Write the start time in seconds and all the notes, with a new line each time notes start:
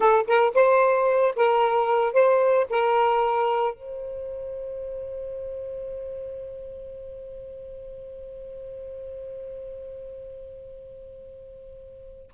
0.00 A4
0.27 A#4
0.54 C5
1.36 A#4
2.13 C5
2.69 A#4
3.74 C5